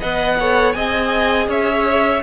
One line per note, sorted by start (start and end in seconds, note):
0.00 0.75 B3
0.00 0.39 B4
0.00 0.37 D#5
0.00 0.73 F#5
0.40 0.76 A4
0.40 0.76 C#5
0.73 1.48 C4
0.73 2.23 G#4
0.73 1.49 D#5
0.73 1.47 G#5
1.48 2.22 C#4
1.48 2.23 C#5
1.48 2.23 E5